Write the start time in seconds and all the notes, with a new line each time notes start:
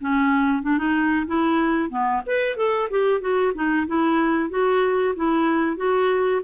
0.00 C#4
0.62 D4
0.77 D#4
1.26 E4
1.89 B3
2.26 B4
2.56 A4
2.90 G4
3.20 F#4
3.54 D#4
3.87 E4
4.50 F#4
5.16 E4
5.77 F#4